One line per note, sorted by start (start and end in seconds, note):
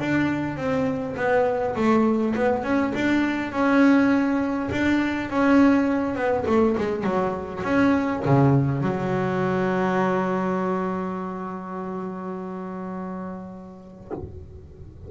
0.00 0.57 D4
0.57 1.16 C4
1.17 1.76 B3
1.76 2.35 A3
2.36 2.64 B3
2.64 2.93 C#4
2.95 3.52 D4
3.52 4.70 C#4
4.72 5.30 D4
5.30 6.16 C#4
6.16 6.45 B3
6.47 6.76 A3
6.78 7.04 G#3
7.04 7.63 F#3
7.64 8.23 C#4
8.26 8.82 C#3
8.82 14.11 F#3